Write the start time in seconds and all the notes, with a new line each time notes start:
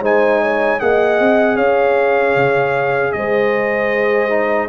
0.00 G#3 D#4 C5 G#5
0.41 C#5
0.79 A#3 G#4 D#5 F#5
1.20 C4
1.56 C#4 C#5 F5
2.36 C#3
3.12 G#3 C5 D#5
4.30 D#4